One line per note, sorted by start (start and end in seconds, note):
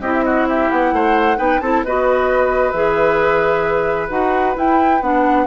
0.00 0.68 C4
0.00 1.37 E4
0.00 0.24 G4
0.00 0.12 D#5
0.13 0.24 E5
0.24 0.48 F#4
0.24 0.47 D#5
0.48 0.94 G4
0.48 0.70 E5
0.70 0.92 B3
0.70 1.38 F#5
0.92 1.37 A3
0.92 1.38 C5
1.37 1.61 B3
1.37 1.59 D#4
1.37 1.61 B4
1.37 1.61 G5
1.61 1.84 C4
1.61 1.85 E4
1.61 1.85 A4
1.61 1.83 A5
1.84 2.73 B3
1.84 2.74 F#4
1.84 5.47 B4
1.84 2.71 D#5
2.71 4.10 E3
2.71 4.09 G#4
2.71 4.08 E5
4.09 4.55 D#4
4.09 4.55 F#4
4.09 4.55 F#5
4.55 5.00 E4
4.55 5.01 E4
4.55 5.02 G5
5.01 5.47 B3
5.01 5.47 D4
5.01 5.47 F#5